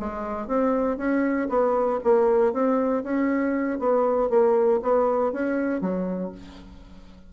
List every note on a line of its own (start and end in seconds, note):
0.00 0.48 G#3
0.48 0.98 C4
0.98 1.49 C#4
1.50 2.00 B3
2.04 2.53 A#3
2.53 3.03 C4
3.03 3.79 C#4
3.79 4.30 B3
4.30 4.81 A#3
4.82 5.33 B3
5.33 5.81 C#4
5.81 6.32 F#3